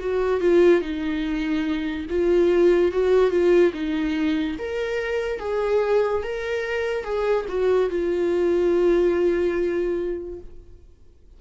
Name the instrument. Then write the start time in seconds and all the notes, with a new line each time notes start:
viola
0.00 F#4
0.41 F4
0.82 D#4
2.10 F4
2.92 F#4
3.31 F4
3.74 D#4
4.59 A#4
5.40 G#4
6.23 A#4
7.05 G#4
7.49 F#4
7.90 F4